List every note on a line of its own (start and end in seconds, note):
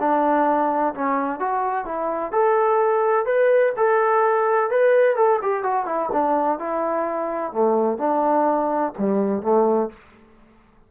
0.00 0.94 D4
0.95 1.40 C#4
1.40 1.86 F#4
1.86 2.32 E4
2.32 3.26 A4
3.26 3.73 B4
3.77 4.71 A4
4.71 5.16 B4
5.16 5.40 A4
5.43 5.63 G4
5.63 5.86 F#4
5.86 6.09 E4
6.13 6.59 D4
6.59 7.53 E4
7.53 7.98 A3
7.98 8.93 D4
8.99 9.43 G3
9.43 9.90 A3